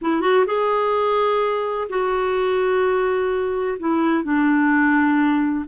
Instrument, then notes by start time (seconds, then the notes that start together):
clarinet
0.01 E4
0.21 F#4
0.46 G#4
1.89 F#4
3.79 E4
4.23 D4